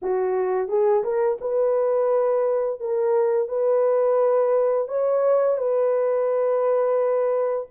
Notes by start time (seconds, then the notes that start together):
0.02 F#4
0.68 G#4
1.03 A#4
1.40 B4
2.79 A#4
3.48 B4
4.88 C#5
5.57 B4